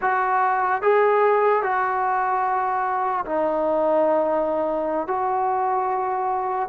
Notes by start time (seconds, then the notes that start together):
0.01 F#4
0.81 G#4
1.62 F#4
3.25 D#4
5.07 F#4